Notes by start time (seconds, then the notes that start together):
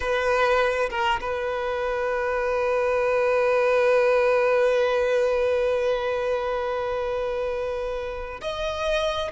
0.00 B4
0.89 A#4
1.20 B4
8.41 D#5